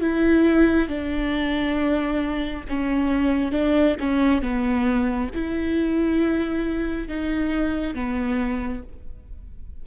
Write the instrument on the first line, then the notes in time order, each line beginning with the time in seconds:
viola
0.00 E4
0.88 D4
2.68 C#4
3.51 D4
3.99 C#4
4.41 B3
5.34 E4
7.07 D#4
7.94 B3